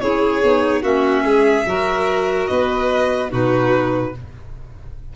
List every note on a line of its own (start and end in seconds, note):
0.00 0.43 C#4
0.00 0.42 E4
0.00 0.82 G#4
0.00 0.82 C#5
0.43 0.83 B3
0.43 0.82 D#4
0.82 1.24 A#3
0.82 1.65 C#4
0.82 1.23 F#4
0.82 2.47 E5
1.24 1.65 G#3
1.24 1.66 G#4
1.66 2.48 F#3
1.66 3.29 F#4
1.66 2.49 A#4
2.47 3.32 B3
2.47 3.30 B4
2.47 3.29 D#5
3.29 4.15 B2
3.29 4.12 D#4
3.29 4.13 F#4
3.29 4.16 B4